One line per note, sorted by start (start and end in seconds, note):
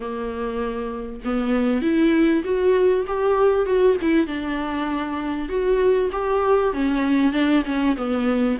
0.00 1.20 A#3
1.24 1.82 B3
1.82 2.43 E4
2.44 3.05 F#4
3.07 3.65 G4
3.65 3.96 F#4
4.01 4.26 E4
4.26 5.48 D4
5.48 6.09 F#4
6.11 6.73 G4
6.73 7.32 C#4
7.32 7.63 D4
7.65 7.95 C#4
7.96 8.57 B3